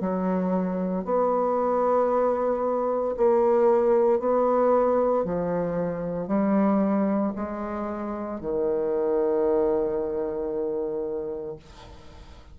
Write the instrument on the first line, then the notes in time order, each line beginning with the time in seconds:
bassoon
0.00 F#3
1.05 B3
3.17 A#3
4.19 B3
5.24 F3
6.27 G3
7.35 G#3
8.41 D#3